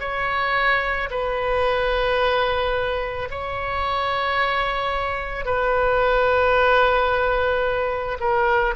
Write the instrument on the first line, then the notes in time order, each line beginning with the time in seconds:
oboe
0.00 C#5
1.11 B4
3.30 C#5
5.45 B4
8.20 A#4